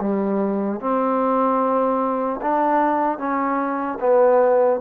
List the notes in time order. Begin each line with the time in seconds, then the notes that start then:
0.00 G3
0.80 C4
2.41 D4
3.18 C#4
4.00 B3